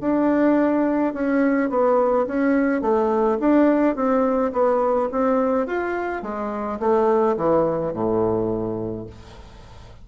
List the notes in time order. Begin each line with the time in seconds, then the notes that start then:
0.00 D4
1.13 C#4
1.70 B3
2.27 C#4
2.81 A3
3.40 D4
3.95 C4
4.52 B3
5.11 C4
5.67 F4
6.22 G#3
6.79 A3
7.36 E3
7.93 A2